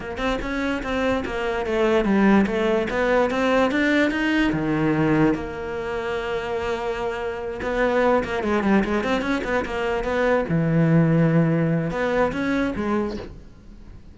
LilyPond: \new Staff \with { instrumentName = "cello" } { \time 4/4 \tempo 4 = 146 ais8 c'8 cis'4 c'4 ais4 | a4 g4 a4 b4 | c'4 d'4 dis'4 dis4~ | dis4 ais2.~ |
ais2~ ais8 b4. | ais8 gis8 g8 gis8 c'8 cis'8 b8 ais8~ | ais8 b4 e2~ e8~ | e4 b4 cis'4 gis4 | }